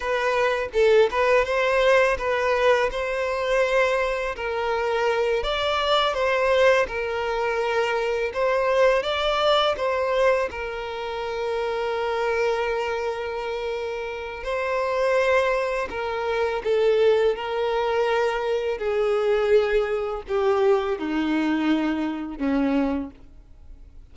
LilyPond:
\new Staff \with { instrumentName = "violin" } { \time 4/4 \tempo 4 = 83 b'4 a'8 b'8 c''4 b'4 | c''2 ais'4. d''8~ | d''8 c''4 ais'2 c''8~ | c''8 d''4 c''4 ais'4.~ |
ais'1 | c''2 ais'4 a'4 | ais'2 gis'2 | g'4 dis'2 cis'4 | }